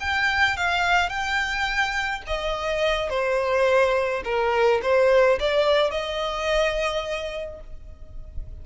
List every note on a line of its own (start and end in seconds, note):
0.00 0.57 G5
0.57 1.09 F5
1.09 2.22 G5
2.27 3.10 D#5
3.10 4.23 C5
4.24 4.81 A#4
4.82 5.39 C5
5.39 5.91 D5
5.91 7.61 D#5